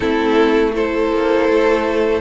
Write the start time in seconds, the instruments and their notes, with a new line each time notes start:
0.00 cello A3, viola C4, violin E4 A4
0.73 viola E4, violin A4 C5
1.12 cello A#3
1.48 cello A3